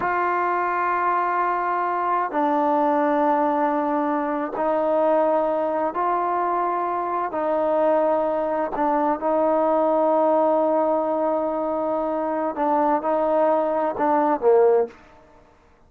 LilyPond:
\new Staff \with { instrumentName = "trombone" } { \time 4/4 \tempo 4 = 129 f'1~ | f'4 d'2.~ | d'4.~ d'16 dis'2~ dis'16~ | dis'8. f'2. dis'16~ |
dis'2~ dis'8. d'4 dis'16~ | dis'1~ | dis'2. d'4 | dis'2 d'4 ais4 | }